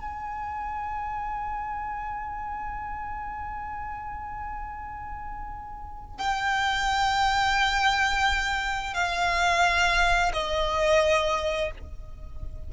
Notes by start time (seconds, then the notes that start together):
0.00 G#5
6.19 G5
8.94 F5
10.34 D#5